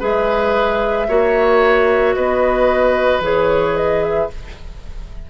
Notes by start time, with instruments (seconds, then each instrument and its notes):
0.00 bassoon G#3, clarinet G#4, oboe B4, flute E5
1.08 bassoon A#3, clarinet F#4, oboe C#5
2.15 bassoon B3, oboe B4, flute D#5
3.20 bassoon E3, clarinet G#4, flute C#5
3.77 flute D#5
4.03 flute E5